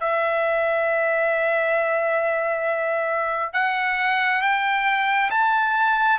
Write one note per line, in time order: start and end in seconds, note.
0.00 3.53 E5
3.53 4.41 F#5
4.42 5.30 G5
5.30 6.18 A5